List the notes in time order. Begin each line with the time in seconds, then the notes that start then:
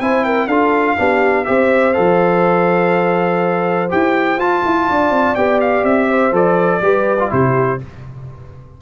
0.00 C4 E4 C5 G#5
0.24 A#4 G5
0.47 D4 F4 A4 F5
0.97 B3 D4 G4
1.44 C4 G4 C5 E5
1.93 F3 A4 F5
3.89 E4 G4 G5
4.37 F4 A5
4.65 E4
4.88 D4 D5
5.10 C4
5.35 B3 G4 G5
5.60 F5
5.83 C4 E5
6.08 C5
6.32 F3 A4 D5
6.81 G3 G4 B4
7.19 F4
7.29 C3 E4 G4 C5